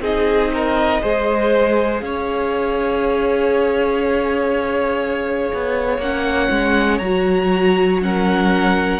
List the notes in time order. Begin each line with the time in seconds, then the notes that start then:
0.00 C4 D#4 G#4 D#5
0.53 A#4
1.01 G#3 G#4 C5
2.00 C#4 C#5 F5
5.53 B3
5.98 A#3 C#4 F#5
6.50 G#3
6.98 F#3 A#5
7.04 F#4
8.01 C#4 A#4 F#5